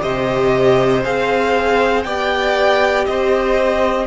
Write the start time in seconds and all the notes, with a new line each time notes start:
0.00 C3 G4 C5 D#5
1.04 C4 G#4 F5
2.03 B3 G4 D5 G5
3.05 C4 C5 D#5